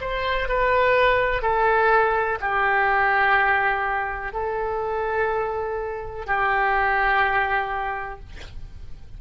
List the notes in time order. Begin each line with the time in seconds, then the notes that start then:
0.00 C5
0.48 B4
1.42 A4
2.40 G4
4.32 A4
6.26 G4